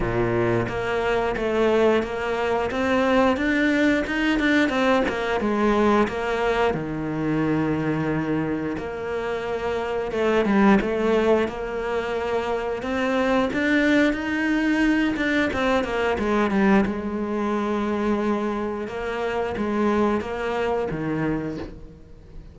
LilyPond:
\new Staff \with { instrumentName = "cello" } { \time 4/4 \tempo 4 = 89 ais,4 ais4 a4 ais4 | c'4 d'4 dis'8 d'8 c'8 ais8 | gis4 ais4 dis2~ | dis4 ais2 a8 g8 |
a4 ais2 c'4 | d'4 dis'4. d'8 c'8 ais8 | gis8 g8 gis2. | ais4 gis4 ais4 dis4 | }